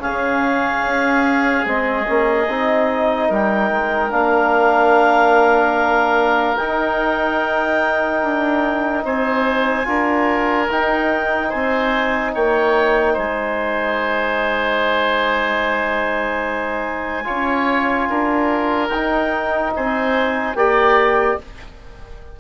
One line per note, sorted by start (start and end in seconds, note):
0.00 0.86 C#3
0.00 1.64 C#4
0.00 3.29 G#4
0.00 1.67 F5
0.86 1.66 C#4
1.65 2.07 G#3
1.65 2.06 C4
1.65 3.33 D#5
2.08 2.49 A#3
2.08 2.49 C#4
2.49 3.31 C4
2.49 4.10 D#4
3.29 3.71 G3
3.29 9.04 A#4
3.29 4.12 G5
3.71 4.12 G#3
4.10 6.59 A#3
4.10 6.57 D4
4.10 6.57 F5
6.57 9.85 D#4
6.57 8.23 D#4
6.57 9.04 G5
8.23 9.05 D4
9.05 9.87 C4
9.05 9.87 C5
9.05 10.71 G#5
9.85 10.69 D4
9.85 10.67 F4
9.85 11.50 A#4
10.71 11.53 D#4
10.71 17.25 D#4
10.71 11.51 G5
11.50 12.36 C4
11.50 12.32 C5
11.50 12.34 G#5
12.35 13.18 A#3
12.35 13.14 C#5
12.35 13.17 G5
13.14 17.29 G#3
13.14 17.24 C5
13.14 18.89 G#5
17.25 18.10 C#4
17.25 18.89 F4
17.25 18.09 C#5
18.10 18.90 D4
18.10 19.74 A#4
18.89 19.72 D#4
18.89 20.57 D#4
18.89 19.72 G5
19.76 20.55 C4
19.76 20.58 C5
19.76 20.56 G#5
20.55 21.37 A#3
20.55 21.39 G4
20.55 21.40 D5
20.55 21.38 G5